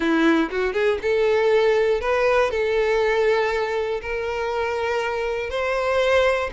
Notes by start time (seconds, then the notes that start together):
0.00 E4
0.50 F#4
0.73 G#4
1.02 A4
2.00 B4
2.50 A4
4.01 A#4
5.50 C5